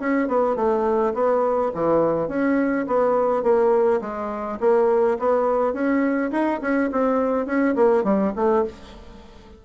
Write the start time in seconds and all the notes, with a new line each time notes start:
0.00 C#4
0.28 B3
0.56 A3
1.14 B3
1.75 E3
2.29 C#4
2.87 B3
3.43 A#3
4.01 G#3
4.60 A#3
5.19 B3
5.74 C#4
6.31 D#4
6.62 C#4
6.92 C4
7.47 C#4
7.75 A#3
8.04 G3
8.36 A3